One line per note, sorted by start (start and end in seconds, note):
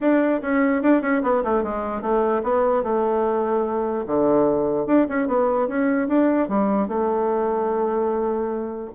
0.00 0.41 D4
0.41 0.82 C#4
0.82 1.01 D4
1.01 1.22 C#4
1.22 1.43 B3
1.44 1.63 A3
1.63 2.01 G#3
2.01 2.42 A3
2.43 2.83 B3
2.83 4.04 A3
4.06 4.86 D3
4.86 5.06 D4
5.08 5.27 C#4
5.27 5.68 B3
5.68 6.08 C#4
6.08 6.48 D4
6.48 6.88 G3
6.88 8.90 A3